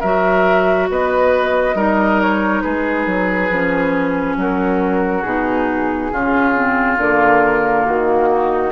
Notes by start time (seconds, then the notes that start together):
0.00 F#3 F#4 A#4 E5
0.90 B3 B4 D#5
1.75 G3 D#4 A#4
2.22 C#5
2.62 G#3 G#4 B4
3.07 F#3
3.50 F3 C#4
4.37 F#3 F#4 A#4
5.22 B2 D#4 G#4
6.12 C#3 C#4 F4
6.54 C4
6.98 D3 A#3 A#4
7.86 D#3 F#4
8.30 D#4